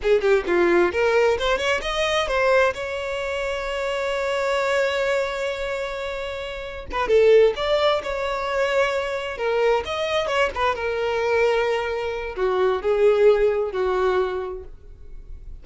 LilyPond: \new Staff \with { instrumentName = "violin" } { \time 4/4 \tempo 4 = 131 gis'8 g'8 f'4 ais'4 c''8 cis''8 | dis''4 c''4 cis''2~ | cis''1~ | cis''2. b'8 a'8~ |
a'8 d''4 cis''2~ cis''8~ | cis''8 ais'4 dis''4 cis''8 b'8 ais'8~ | ais'2. fis'4 | gis'2 fis'2 | }